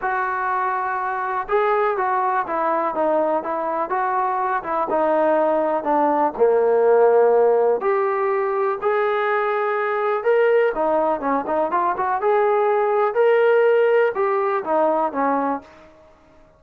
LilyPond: \new Staff \with { instrumentName = "trombone" } { \time 4/4 \tempo 4 = 123 fis'2. gis'4 | fis'4 e'4 dis'4 e'4 | fis'4. e'8 dis'2 | d'4 ais2. |
g'2 gis'2~ | gis'4 ais'4 dis'4 cis'8 dis'8 | f'8 fis'8 gis'2 ais'4~ | ais'4 g'4 dis'4 cis'4 | }